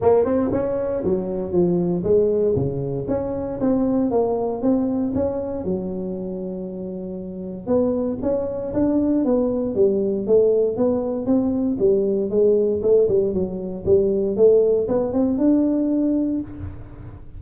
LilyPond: \new Staff \with { instrumentName = "tuba" } { \time 4/4 \tempo 4 = 117 ais8 c'8 cis'4 fis4 f4 | gis4 cis4 cis'4 c'4 | ais4 c'4 cis'4 fis4~ | fis2. b4 |
cis'4 d'4 b4 g4 | a4 b4 c'4 g4 | gis4 a8 g8 fis4 g4 | a4 b8 c'8 d'2 | }